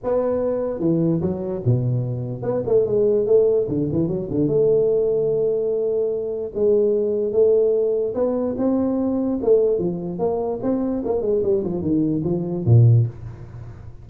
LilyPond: \new Staff \with { instrumentName = "tuba" } { \time 4/4 \tempo 4 = 147 b2 e4 fis4 | b,2 b8 a8 gis4 | a4 d8 e8 fis8 d8 a4~ | a1 |
gis2 a2 | b4 c'2 a4 | f4 ais4 c'4 ais8 gis8 | g8 f8 dis4 f4 ais,4 | }